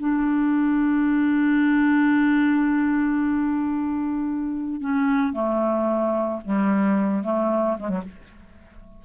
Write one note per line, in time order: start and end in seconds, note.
0.00 4.81 D4
4.81 5.33 C#4
5.33 6.40 A3
6.45 7.24 G3
7.24 7.77 A3
7.79 7.89 G#3
7.89 8.02 F#3